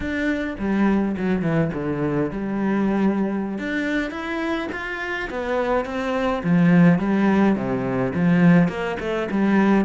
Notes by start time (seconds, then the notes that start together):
0.00 D4
0.58 G3
1.17 F#3
1.42 E3
1.73 D3
2.30 G3
3.58 D4
4.11 E4
4.71 F4
5.30 B3
5.85 C4
6.43 F3
6.98 G3
7.55 C3
8.14 F3
8.68 A#3
8.99 A3
9.31 G3